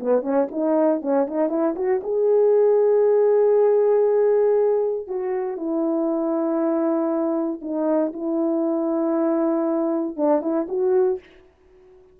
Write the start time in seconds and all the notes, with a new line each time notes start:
0.00 B3
0.22 C#4
0.51 D#4
1.01 C#4
1.27 D#4
1.49 E4
1.76 F#4
2.03 G#4
5.07 F#4
5.57 E4
7.62 D#4
8.13 E4
10.16 D4
10.41 E4
10.68 F#4